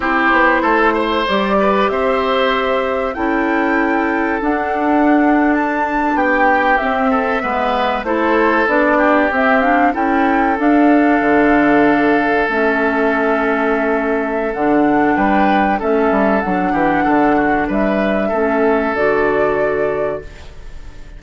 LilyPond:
<<
  \new Staff \with { instrumentName = "flute" } { \time 4/4 \tempo 4 = 95 c''2 d''4 e''4~ | e''4 g''2 fis''4~ | fis''8. a''4 g''4 e''4~ e''16~ | e''8. c''4 d''4 e''8 f''8 g''16~ |
g''8. f''2. e''16~ | e''2. fis''4 | g''4 e''4 fis''2 | e''2 d''2 | }
  \new Staff \with { instrumentName = "oboe" } { \time 4/4 g'4 a'8 c''4 b'8 c''4~ | c''4 a'2.~ | a'4.~ a'16 g'4. a'8 b'16~ | b'8. a'4. g'4. a'16~ |
a'1~ | a'1 | b'4 a'4. g'8 a'8 fis'8 | b'4 a'2. | }
  \new Staff \with { instrumentName = "clarinet" } { \time 4/4 e'2 g'2~ | g'4 e'2 d'4~ | d'2~ d'8. c'4 b16~ | b8. e'4 d'4 c'8 d'8 e'16~ |
e'8. d'2. cis'16~ | cis'2. d'4~ | d'4 cis'4 d'2~ | d'4 cis'4 fis'2 | }
  \new Staff \with { instrumentName = "bassoon" } { \time 4/4 c'8 b8 a4 g4 c'4~ | c'4 cis'2 d'4~ | d'4.~ d'16 b4 c'4 gis16~ | gis8. a4 b4 c'4 cis'16~ |
cis'8. d'4 d2 a16~ | a2. d4 | g4 a8 g8 fis8 e8 d4 | g4 a4 d2 | }
>>